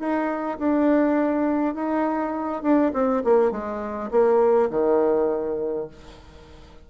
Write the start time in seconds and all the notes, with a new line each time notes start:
0.00 D#4
0.59 D4
1.75 D#4
2.63 D4
2.94 C4
3.25 A#3
3.52 G#3
4.11 A#3
4.71 D#3